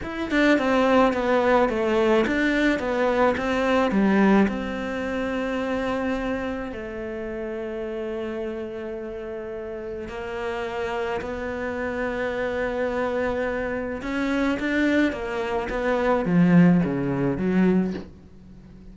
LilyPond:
\new Staff \with { instrumentName = "cello" } { \time 4/4 \tempo 4 = 107 e'8 d'8 c'4 b4 a4 | d'4 b4 c'4 g4 | c'1 | a1~ |
a2 ais2 | b1~ | b4 cis'4 d'4 ais4 | b4 f4 cis4 fis4 | }